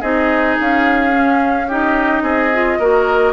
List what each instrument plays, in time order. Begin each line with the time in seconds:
0.00 bassoon C4, clarinet D#4, oboe G#4, flute D#5
0.60 bassoon C#4, flute F5
1.11 clarinet C#4
1.68 clarinet D#4, oboe G4, flute D#5
2.22 bassoon C4, oboe G#4
2.53 clarinet F4
2.79 bassoon A#3, clarinet F#4, oboe A#4